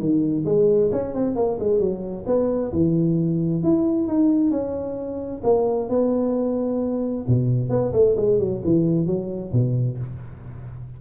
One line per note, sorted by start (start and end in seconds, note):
0.00 0.45 D#3
0.46 0.91 G#3
0.92 1.15 C#4
1.15 1.36 C4
1.36 1.59 A#3
1.60 1.80 G#3
1.80 2.25 F#3
2.27 2.72 B3
2.73 3.64 E3
3.64 4.08 E4
4.08 4.51 D#4
4.51 5.42 C#4
5.44 5.90 A#3
5.90 7.26 B3
7.28 7.70 B2
7.70 7.93 B3
7.93 8.16 A3
8.17 8.39 G#3
8.39 8.62 F#3
8.65 9.07 E3
9.07 9.52 F#3
9.53 9.98 B2